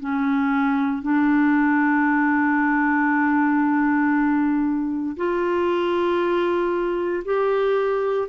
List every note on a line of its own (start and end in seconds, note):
0.00 1.03 C#4
1.03 5.16 D4
5.17 7.24 F4
7.25 8.29 G4